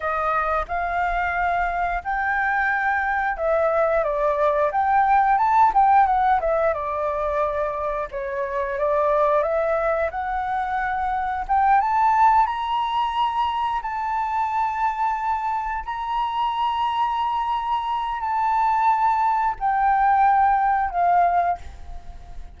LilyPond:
\new Staff \with { instrumentName = "flute" } { \time 4/4 \tempo 4 = 89 dis''4 f''2 g''4~ | g''4 e''4 d''4 g''4 | a''8 g''8 fis''8 e''8 d''2 | cis''4 d''4 e''4 fis''4~ |
fis''4 g''8 a''4 ais''4.~ | ais''8 a''2. ais''8~ | ais''2. a''4~ | a''4 g''2 f''4 | }